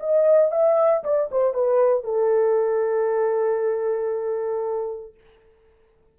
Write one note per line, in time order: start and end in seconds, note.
0.00 0.52 D#5
0.52 1.03 E5
1.04 1.30 D5
1.31 1.54 C5
1.54 2.04 B4
2.04 5.14 A4